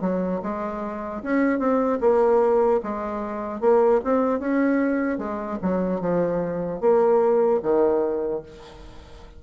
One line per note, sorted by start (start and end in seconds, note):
0.00 0.40 F#3
0.42 1.22 G#3
1.23 1.59 C#4
1.59 1.99 C4
2.00 2.80 A#3
2.83 3.60 G#3
3.60 4.00 A#3
4.04 4.39 C4
4.39 5.18 C#4
5.18 5.58 G#3
5.62 6.00 F#3
6.00 6.80 F3
6.80 7.60 A#3
7.62 8.42 D#3